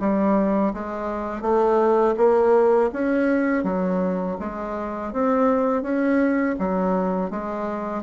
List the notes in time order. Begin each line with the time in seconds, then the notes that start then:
0.00 G3
0.74 G#3
1.42 A3
2.18 A#3
2.93 C#4
3.64 F#3
4.40 G#3
5.13 C4
5.83 C#4
6.59 F#3
7.30 G#3